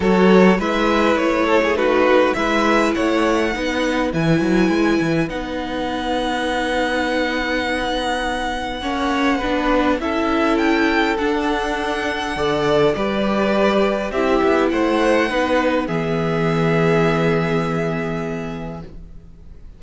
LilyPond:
<<
  \new Staff \with { instrumentName = "violin" } { \time 4/4 \tempo 4 = 102 cis''4 e''4 cis''4 b'4 | e''4 fis''2 gis''4~ | gis''4 fis''2.~ | fis''1~ |
fis''4 e''4 g''4 fis''4~ | fis''2 d''2 | e''4 fis''2 e''4~ | e''1 | }
  \new Staff \with { instrumentName = "violin" } { \time 4/4 a'4 b'4. a'16 gis'16 fis'4 | b'4 cis''4 b'2~ | b'1~ | b'2. cis''4 |
b'4 a'2.~ | a'4 d''4 b'2 | g'4 c''4 b'4 gis'4~ | gis'1 | }
  \new Staff \with { instrumentName = "viola" } { \time 4/4 fis'4 e'2 dis'4 | e'2 dis'4 e'4~ | e'4 dis'2.~ | dis'2. cis'4 |
d'4 e'2 d'4~ | d'4 a'4 g'2 | e'2 dis'4 b4~ | b1 | }
  \new Staff \with { instrumentName = "cello" } { \time 4/4 fis4 gis4 a2 | gis4 a4 b4 e8 fis8 | gis8 e8 b2.~ | b2. ais4 |
b4 cis'2 d'4~ | d'4 d4 g2 | c'8 b8 a4 b4 e4~ | e1 | }
>>